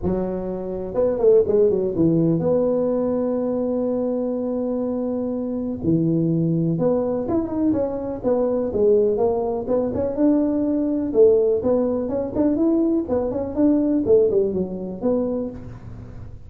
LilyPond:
\new Staff \with { instrumentName = "tuba" } { \time 4/4 \tempo 4 = 124 fis2 b8 a8 gis8 fis8 | e4 b2.~ | b1 | e2 b4 e'8 dis'8 |
cis'4 b4 gis4 ais4 | b8 cis'8 d'2 a4 | b4 cis'8 d'8 e'4 b8 cis'8 | d'4 a8 g8 fis4 b4 | }